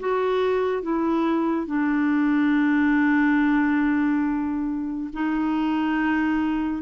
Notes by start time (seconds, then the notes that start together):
0.00 F#4
0.83 E4
1.68 D4
5.14 D#4